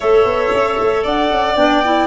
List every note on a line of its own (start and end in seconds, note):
0.00 0.24 A3
0.00 1.56 A4
0.00 1.03 C#5
0.00 1.04 E5
0.24 0.51 B3
0.52 0.78 C#4
0.80 1.04 A3
1.03 1.30 D4
1.03 2.06 D5
1.03 1.56 F#5
1.30 1.55 C#4
1.55 2.06 B3
1.55 1.82 D4
1.55 2.06 G5
1.84 2.06 E4